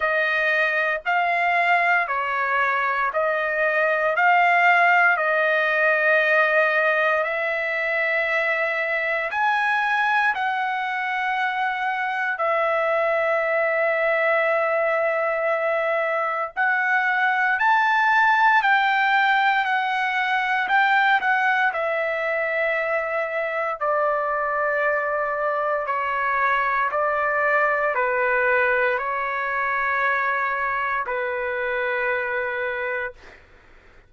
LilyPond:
\new Staff \with { instrumentName = "trumpet" } { \time 4/4 \tempo 4 = 58 dis''4 f''4 cis''4 dis''4 | f''4 dis''2 e''4~ | e''4 gis''4 fis''2 | e''1 |
fis''4 a''4 g''4 fis''4 | g''8 fis''8 e''2 d''4~ | d''4 cis''4 d''4 b'4 | cis''2 b'2 | }